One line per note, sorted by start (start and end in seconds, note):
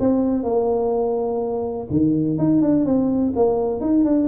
0.00 0.44 C4
0.44 1.88 A#3
1.91 2.38 D#3
2.38 2.62 D#4
2.62 2.86 D4
2.86 3.34 C4
3.36 3.81 A#3
3.81 4.05 D#4
4.05 4.29 D4